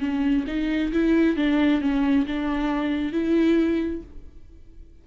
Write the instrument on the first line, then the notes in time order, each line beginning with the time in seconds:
viola
0.00 C#4
0.47 D#4
0.92 E4
1.36 D4
1.81 C#4
2.27 D4
3.12 E4